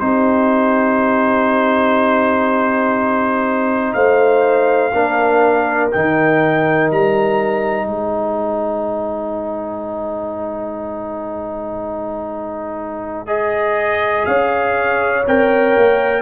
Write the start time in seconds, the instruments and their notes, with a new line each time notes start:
0.00 tuba C4, trombone D#4, horn G4, trumpet C5
3.94 tuba A3, horn C5, trumpet F5
4.93 tuba A#3, trombone D4, horn A#4
5.92 tuba D#3, trombone D#4, trumpet G5
6.91 tuba G3, trumpet A#5
7.87 tuba G#3, horn C5, trumpet G#5
13.27 trombone G#4, trumpet D#5
14.26 tuba C#4, horn C#5, trumpet F5
15.27 tuba C4, trombone A#4, trumpet G5
15.77 tuba A#3